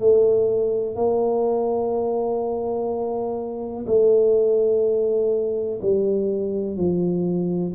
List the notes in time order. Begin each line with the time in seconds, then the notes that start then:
0.00 A3
0.95 A#3
3.87 A3
5.82 G3
6.77 F3